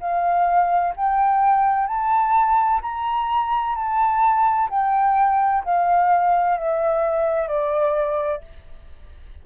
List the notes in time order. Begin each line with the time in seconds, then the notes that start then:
0.00 F5
0.96 G5
1.87 A5
2.82 A#5
3.75 A5
4.70 G5
5.64 F5
6.57 E5
7.47 D5